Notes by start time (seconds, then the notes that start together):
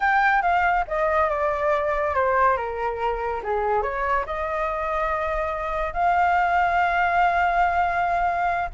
0.00 G5
0.42 F5
0.87 D#5
1.29 D5
2.14 C5
2.56 A#4
3.43 G#4
3.82 C#5
4.26 D#5
5.93 F5